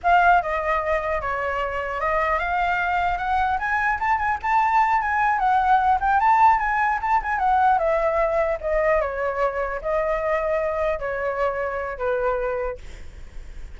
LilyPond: \new Staff \with { instrumentName = "flute" } { \time 4/4 \tempo 4 = 150 f''4 dis''2 cis''4~ | cis''4 dis''4 f''2 | fis''4 gis''4 a''8 gis''8 a''4~ | a''8 gis''4 fis''4. g''8 a''8~ |
a''8 gis''4 a''8 gis''8 fis''4 e''8~ | e''4. dis''4 cis''4.~ | cis''8 dis''2. cis''8~ | cis''2 b'2 | }